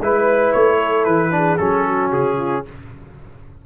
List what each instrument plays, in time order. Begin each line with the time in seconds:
0.00 tuba G#3, trombone E4, horn B4, trumpet B4
0.52 tuba A3, trumpet C#5
0.77 horn A4
1.04 tuba E3, trumpet B4
1.31 trombone D4, horn G#4
1.57 tuba F#3, trombone C#4, trumpet A4
1.87 horn F#4
2.12 tuba C#3, trumpet G#4
2.37 horn F4